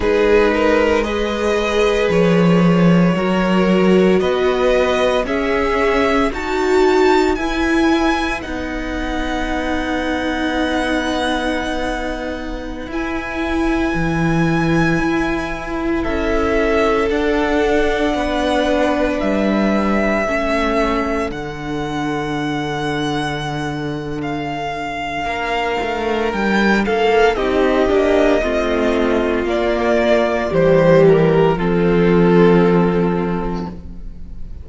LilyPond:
<<
  \new Staff \with { instrumentName = "violin" } { \time 4/4 \tempo 4 = 57 b'4 dis''4 cis''2 | dis''4 e''4 a''4 gis''4 | fis''1~ | fis''16 gis''2. e''8.~ |
e''16 fis''2 e''4.~ e''16~ | e''16 fis''2~ fis''8. f''4~ | f''4 g''8 f''8 dis''2 | d''4 c''8 ais'8 a'2 | }
  \new Staff \with { instrumentName = "violin" } { \time 4/4 gis'8 ais'8 b'2 ais'4 | b'4 gis'4 fis'4 b'4~ | b'1~ | b'2.~ b'16 a'8.~ |
a'4~ a'16 b'2 a'8.~ | a'1 | ais'4. a'8 g'4 f'4~ | f'4 g'4 f'2 | }
  \new Staff \with { instrumentName = "viola" } { \time 4/4 dis'4 gis'2 fis'4~ | fis'4 cis'4 fis'4 e'4 | dis'1~ | dis'16 e'2.~ e'8.~ |
e'16 d'2. cis'8.~ | cis'16 d'2.~ d'8.~ | d'2 dis'8 d'8 c'4 | ais4 g4 c'2 | }
  \new Staff \with { instrumentName = "cello" } { \time 4/4 gis2 f4 fis4 | b4 cis'4 dis'4 e'4 | b1~ | b16 e'4 e4 e'4 cis'8.~ |
cis'16 d'4 b4 g4 a8.~ | a16 d2.~ d8. | ais8 a8 g8 ais8 c'8 ais8 a4 | ais4 e4 f2 | }
>>